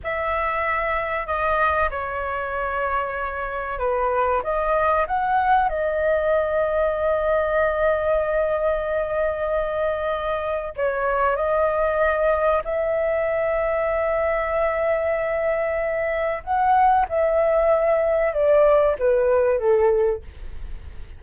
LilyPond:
\new Staff \with { instrumentName = "flute" } { \time 4/4 \tempo 4 = 95 e''2 dis''4 cis''4~ | cis''2 b'4 dis''4 | fis''4 dis''2.~ | dis''1~ |
dis''4 cis''4 dis''2 | e''1~ | e''2 fis''4 e''4~ | e''4 d''4 b'4 a'4 | }